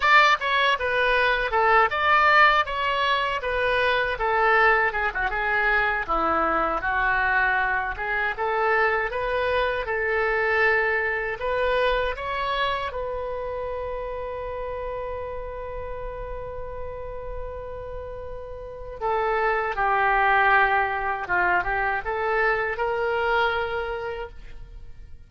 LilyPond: \new Staff \with { instrumentName = "oboe" } { \time 4/4 \tempo 4 = 79 d''8 cis''8 b'4 a'8 d''4 cis''8~ | cis''8 b'4 a'4 gis'16 fis'16 gis'4 | e'4 fis'4. gis'8 a'4 | b'4 a'2 b'4 |
cis''4 b'2.~ | b'1~ | b'4 a'4 g'2 | f'8 g'8 a'4 ais'2 | }